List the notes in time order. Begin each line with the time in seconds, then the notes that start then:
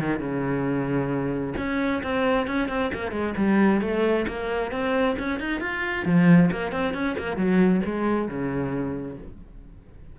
0.00 D#3
0.20 C#3
1.58 C#4
2.03 C4
2.47 C#4
2.69 C4
2.94 A#3
3.12 G#3
3.37 G3
3.81 A3
4.28 A#3
4.72 C4
5.19 C#4
5.40 D#4
5.61 F4
6.05 F3
6.52 A#3
6.72 C4
6.94 C#4
7.18 A#3
7.37 F#3
7.85 G#3
8.28 C#3